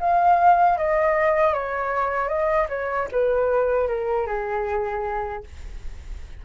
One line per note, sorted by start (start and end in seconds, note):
0.00 0.78 F5
0.78 1.54 D#5
1.54 2.28 C#5
2.28 2.67 D#5
2.69 3.08 C#5
3.12 3.88 B4
3.88 4.27 A#4
4.27 5.44 G#4